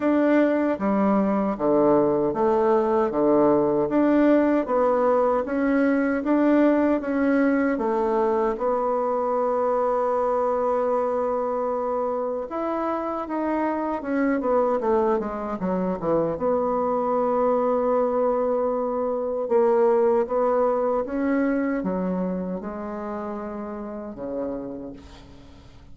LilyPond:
\new Staff \with { instrumentName = "bassoon" } { \time 4/4 \tempo 4 = 77 d'4 g4 d4 a4 | d4 d'4 b4 cis'4 | d'4 cis'4 a4 b4~ | b1 |
e'4 dis'4 cis'8 b8 a8 gis8 | fis8 e8 b2.~ | b4 ais4 b4 cis'4 | fis4 gis2 cis4 | }